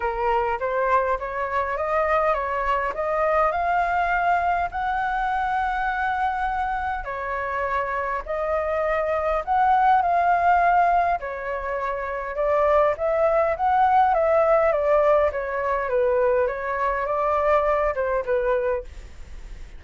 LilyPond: \new Staff \with { instrumentName = "flute" } { \time 4/4 \tempo 4 = 102 ais'4 c''4 cis''4 dis''4 | cis''4 dis''4 f''2 | fis''1 | cis''2 dis''2 |
fis''4 f''2 cis''4~ | cis''4 d''4 e''4 fis''4 | e''4 d''4 cis''4 b'4 | cis''4 d''4. c''8 b'4 | }